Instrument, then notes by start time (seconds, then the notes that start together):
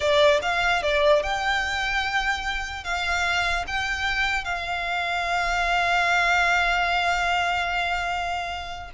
violin
0.00 D5
0.42 F5
0.82 D5
1.22 G5
2.84 F5
3.67 G5
4.44 F5